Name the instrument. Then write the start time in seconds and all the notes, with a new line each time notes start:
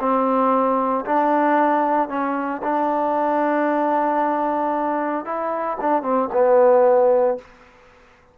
trombone
0.00 C4
1.06 D4
2.09 C#4
2.63 D4
5.26 E4
5.81 D4
6.03 C4
6.33 B3